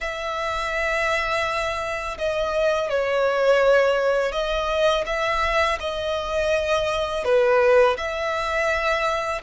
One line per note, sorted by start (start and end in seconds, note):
0.00 2.17 E5
2.18 2.89 D#5
2.89 4.32 C#5
4.32 5.04 D#5
5.06 5.78 E5
5.80 7.24 D#5
7.24 7.96 B4
7.97 9.41 E5